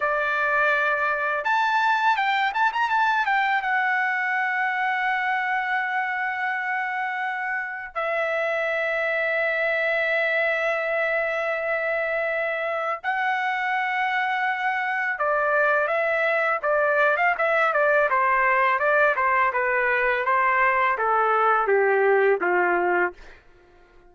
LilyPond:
\new Staff \with { instrumentName = "trumpet" } { \time 4/4 \tempo 4 = 83 d''2 a''4 g''8 a''16 ais''16 | a''8 g''8 fis''2.~ | fis''2. e''4~ | e''1~ |
e''2 fis''2~ | fis''4 d''4 e''4 d''8. f''16 | e''8 d''8 c''4 d''8 c''8 b'4 | c''4 a'4 g'4 f'4 | }